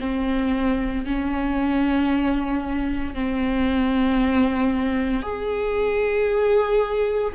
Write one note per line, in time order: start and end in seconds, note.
0.00 1.05 C4
1.05 3.14 C#4
3.14 5.22 C4
5.22 7.33 G#4